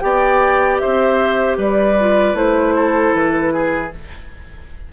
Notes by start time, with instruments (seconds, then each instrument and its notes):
0.00 bassoon B3, clarinet G4, oboe D5, flute G5
0.79 oboe C5, flute E5
0.85 bassoon C4
1.58 bassoon G3, oboe B4, flute D5
2.00 clarinet F4
2.34 bassoon A3, clarinet E4, flute C5
2.76 oboe A4
3.14 bassoon E3, flute B4
3.54 oboe G#4